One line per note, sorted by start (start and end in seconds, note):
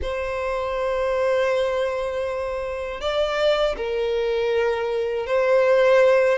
0.01 3.00 C5
3.00 3.75 D5
3.76 5.26 A#4
5.26 6.38 C5